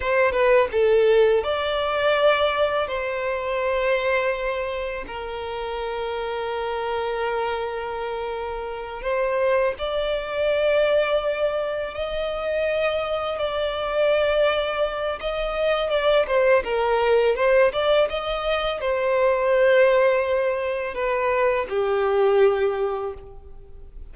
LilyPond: \new Staff \with { instrumentName = "violin" } { \time 4/4 \tempo 4 = 83 c''8 b'8 a'4 d''2 | c''2. ais'4~ | ais'1~ | ais'8 c''4 d''2~ d''8~ |
d''8 dis''2 d''4.~ | d''4 dis''4 d''8 c''8 ais'4 | c''8 d''8 dis''4 c''2~ | c''4 b'4 g'2 | }